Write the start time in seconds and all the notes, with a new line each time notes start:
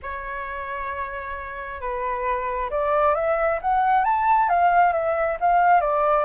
0.02 C#5
1.80 B4
2.70 D5
3.14 E5
3.61 F#5
4.04 A5
4.49 F5
4.92 E5
5.40 F5
5.80 D5